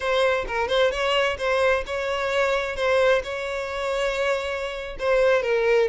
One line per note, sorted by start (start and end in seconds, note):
0.00 0.45 C5
0.47 0.68 A#4
0.68 0.91 C5
0.91 1.37 C#5
1.38 1.84 C5
1.86 2.76 C#5
2.76 3.22 C5
3.23 4.96 C#5
4.99 5.42 C5
5.42 5.88 A#4